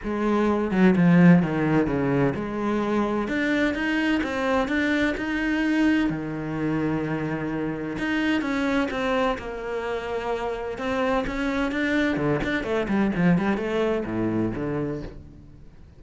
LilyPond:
\new Staff \with { instrumentName = "cello" } { \time 4/4 \tempo 4 = 128 gis4. fis8 f4 dis4 | cis4 gis2 d'4 | dis'4 c'4 d'4 dis'4~ | dis'4 dis2.~ |
dis4 dis'4 cis'4 c'4 | ais2. c'4 | cis'4 d'4 d8 d'8 a8 g8 | f8 g8 a4 a,4 d4 | }